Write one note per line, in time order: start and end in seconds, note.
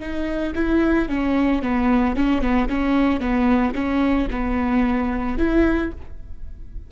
0.00 0.54 D#4
0.56 1.09 E4
1.09 1.63 C#4
1.63 2.16 B3
2.16 2.42 C#4
2.42 2.69 B3
2.69 3.21 C#4
3.21 3.74 B3
3.75 4.28 C#4
4.31 5.38 B3
5.38 5.92 E4